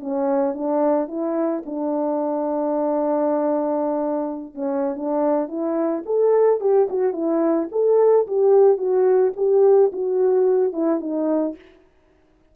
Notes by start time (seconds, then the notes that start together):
0.00 C#4
0.54 D4
1.08 E4
1.66 D4
4.54 C#4
4.96 D4
5.48 E4
6.06 A4
6.61 G4
6.90 F#4
7.13 E4
7.72 A4
8.27 G4
8.78 F#4
9.37 G4
9.93 F#4
10.73 E4
11.00 D#4